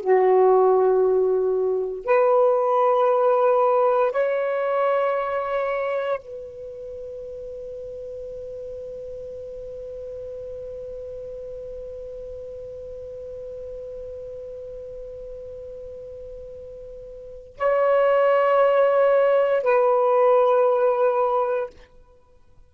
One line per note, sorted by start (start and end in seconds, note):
0.00 2.05 F#4
2.05 4.12 B4
4.12 6.19 C#5
6.19 17.57 B4
17.57 19.63 C#5
19.63 21.70 B4